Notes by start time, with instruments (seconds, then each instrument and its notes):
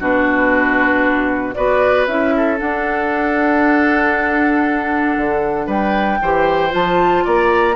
0.00 bassoon B2, clarinet D4, oboe F#4, flute B4
1.54 bassoon B3, clarinet F#4, oboe B4, flute D5
2.07 bassoon C#4, clarinet E4, flute E5
2.37 oboe A4
2.58 clarinet D4, bassoon D4, flute F#5
5.17 bassoon D3
5.67 bassoon G3, oboe B4, flute G5
6.22 bassoon E3, clarinet G4, oboe C5
6.70 bassoon F3, clarinet F4, flute A5
7.25 bassoon A#3, oboe D5, flute A#5